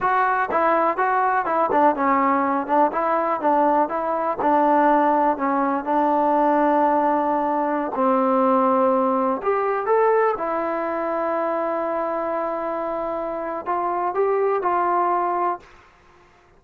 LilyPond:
\new Staff \with { instrumentName = "trombone" } { \time 4/4 \tempo 4 = 123 fis'4 e'4 fis'4 e'8 d'8 | cis'4. d'8 e'4 d'4 | e'4 d'2 cis'4 | d'1~ |
d'16 c'2. g'8.~ | g'16 a'4 e'2~ e'8.~ | e'1 | f'4 g'4 f'2 | }